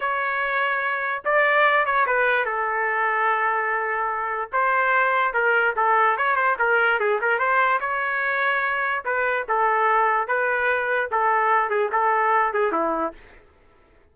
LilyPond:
\new Staff \with { instrumentName = "trumpet" } { \time 4/4 \tempo 4 = 146 cis''2. d''4~ | d''8 cis''8 b'4 a'2~ | a'2. c''4~ | c''4 ais'4 a'4 cis''8 c''8 |
ais'4 gis'8 ais'8 c''4 cis''4~ | cis''2 b'4 a'4~ | a'4 b'2 a'4~ | a'8 gis'8 a'4. gis'8 e'4 | }